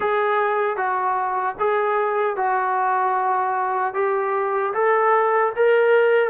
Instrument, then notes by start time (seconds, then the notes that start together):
trombone
0.00 G#4
0.76 F#4
1.59 G#4
2.36 F#4
3.94 G4
4.73 A4
5.56 A#4